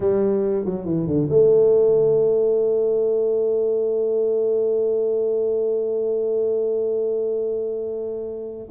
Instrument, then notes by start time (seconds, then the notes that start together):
tuba
0.00 G3
0.65 F#3
0.85 E3
1.06 D3
1.29 A3